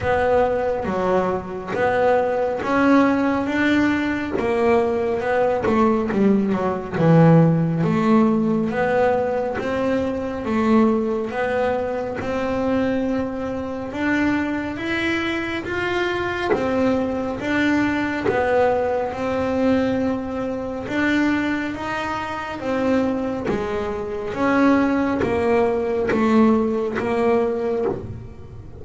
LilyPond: \new Staff \with { instrumentName = "double bass" } { \time 4/4 \tempo 4 = 69 b4 fis4 b4 cis'4 | d'4 ais4 b8 a8 g8 fis8 | e4 a4 b4 c'4 | a4 b4 c'2 |
d'4 e'4 f'4 c'4 | d'4 b4 c'2 | d'4 dis'4 c'4 gis4 | cis'4 ais4 a4 ais4 | }